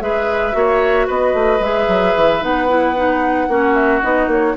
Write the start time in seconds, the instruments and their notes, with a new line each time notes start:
0.00 bassoon G#3, clarinet G#4, oboe B4, flute E5
0.52 bassoon A#3, clarinet F#4, oboe C#5
1.07 bassoon B3, oboe B4, flute D#5
1.33 bassoon A3
1.59 bassoon G#3, clarinet G#4, flute E5
1.88 bassoon F#3
2.16 bassoon E3
2.40 bassoon B3, clarinet D#4, flute F#5
2.68 clarinet E4
2.95 clarinet D#4
3.48 bassoon A#3, clarinet C#4, oboe F#4
3.74 flute E5
4.02 bassoon B3, clarinet D#4, flute D#5
4.27 bassoon A#3, flute C#5